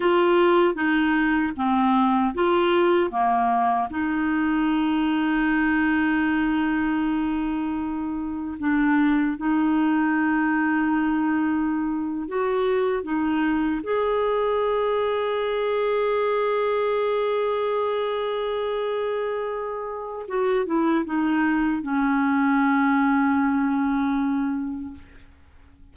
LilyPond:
\new Staff \with { instrumentName = "clarinet" } { \time 4/4 \tempo 4 = 77 f'4 dis'4 c'4 f'4 | ais4 dis'2.~ | dis'2. d'4 | dis'2.~ dis'8. fis'16~ |
fis'8. dis'4 gis'2~ gis'16~ | gis'1~ | gis'2 fis'8 e'8 dis'4 | cis'1 | }